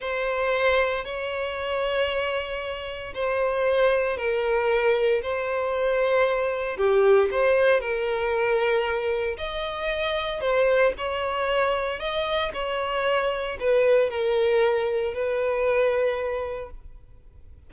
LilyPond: \new Staff \with { instrumentName = "violin" } { \time 4/4 \tempo 4 = 115 c''2 cis''2~ | cis''2 c''2 | ais'2 c''2~ | c''4 g'4 c''4 ais'4~ |
ais'2 dis''2 | c''4 cis''2 dis''4 | cis''2 b'4 ais'4~ | ais'4 b'2. | }